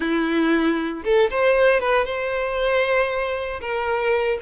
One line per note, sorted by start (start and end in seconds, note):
0.00 1.03 E4
1.04 1.30 A4
1.30 1.79 C5
1.79 2.05 B4
2.05 3.60 C5
3.61 4.38 A#4